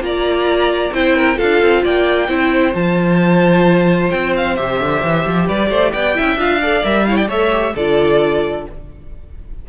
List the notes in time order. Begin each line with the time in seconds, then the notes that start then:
0.00 A#3 F4 D5 A#5
0.92 C4 E4 C5 G5
1.16 A#4
1.36 D4 F4 A4 F5
1.62 C4
1.84 A#3 D5 G5
2.28 C4 E4 C5
2.73 F3 F4 A5
4.10 C4 G5
4.37 F5
4.56 C3 G4 E5
4.80 D3
5.04 E3
5.27 F3
5.46 G3 B4 D5
5.70 A3 C5
5.92 B3 D5 G5
6.14 C#4 E4 E5
6.36 D4 F4 F5
6.61 A4 D5
6.84 G3 A#4 E5
7.06 E4 C#5 F5
7.16 D5 G5
7.28 A3 A4 C#5 E5
7.52 G4
7.75 D3 F4 A4 D5